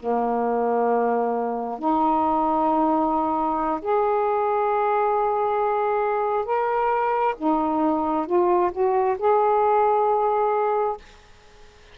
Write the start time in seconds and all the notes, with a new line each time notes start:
0.00 A#3
1.79 D#4
3.82 G#4
6.45 A#4
7.38 D#4
8.27 F4
8.72 F#4
9.18 G#4